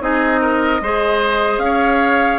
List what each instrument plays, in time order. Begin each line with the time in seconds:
0.00 bassoon C4, clarinet D#4, oboe G#4, flute D#5
0.41 oboe A#4
0.81 bassoon G#3, clarinet G#4, oboe C5
1.58 bassoon C#4, flute F5
1.65 oboe C#5